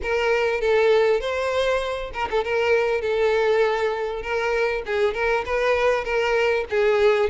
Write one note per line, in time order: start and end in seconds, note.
0.02 0.60 A#4
0.60 1.20 A4
1.20 2.11 C5
2.13 2.29 A#4
2.30 2.44 A4
2.44 3.01 A#4
3.01 4.22 A4
4.22 4.82 A#4
4.85 5.13 G#4
5.13 5.44 A#4
5.45 6.04 B4
6.04 6.64 A#4
6.70 7.29 G#4